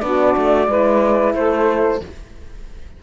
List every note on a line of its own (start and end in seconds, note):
0.00 0.35 B3
0.00 0.67 D4
0.00 0.69 F#4
0.00 1.33 D5
0.37 0.67 A3
0.67 1.34 G#3
0.67 2.00 E4
0.67 1.36 B4
1.34 2.01 A3
1.34 2.03 A4
1.34 2.02 C5